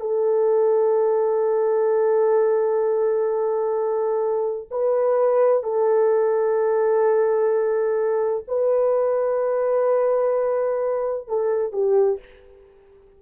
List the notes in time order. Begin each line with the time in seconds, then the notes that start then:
0.00 A4
4.71 B4
5.63 A4
8.48 B4
11.28 A4
11.72 G4